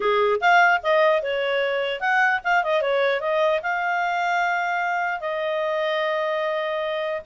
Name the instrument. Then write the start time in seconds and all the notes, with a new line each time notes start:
clarinet
0.00 G#4
0.40 F5
0.82 D#5
1.22 C#5
2.00 F#5
2.44 F5
2.63 D#5
2.81 C#5
3.20 D#5
3.62 F5
5.20 D#5